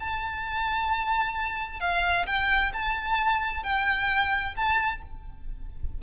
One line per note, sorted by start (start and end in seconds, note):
0.00 1.80 A5
1.80 2.26 F5
2.27 2.72 G5
2.73 3.63 A5
3.63 4.55 G5
4.56 5.02 A5